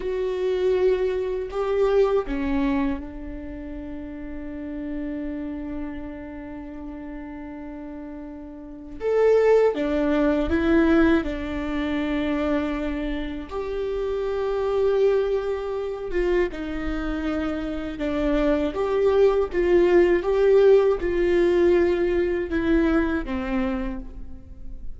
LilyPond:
\new Staff \with { instrumentName = "viola" } { \time 4/4 \tempo 4 = 80 fis'2 g'4 cis'4 | d'1~ | d'1 | a'4 d'4 e'4 d'4~ |
d'2 g'2~ | g'4. f'8 dis'2 | d'4 g'4 f'4 g'4 | f'2 e'4 c'4 | }